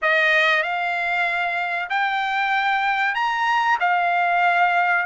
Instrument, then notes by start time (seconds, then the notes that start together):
trumpet
0.02 D#5
0.63 F5
1.89 G5
3.14 A#5
3.80 F5